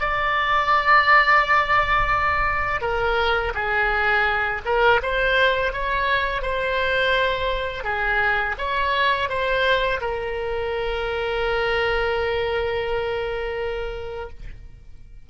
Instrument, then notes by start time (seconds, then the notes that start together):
oboe
0.00 D5
2.81 A#4
3.54 G#4
4.65 A#4
5.02 C5
5.72 C#5
6.42 C5
7.84 G#4
8.58 C#5
9.29 C5
10.01 A#4